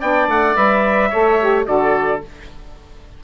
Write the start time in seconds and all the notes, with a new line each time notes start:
0.00 B3 D4 D5 G5
0.28 A3 F#5
0.55 G3 B4 E5
1.10 A3 A4 C#5
1.40 G4
1.65 D3 F#4 A4 D5